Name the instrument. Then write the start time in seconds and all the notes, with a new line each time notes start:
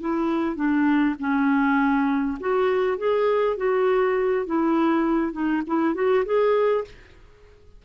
clarinet
0.00 E4
0.56 D4
1.19 C#4
2.40 F#4
2.98 G#4
3.56 F#4
4.46 E4
5.32 D#4
5.67 E4
5.94 F#4
6.25 G#4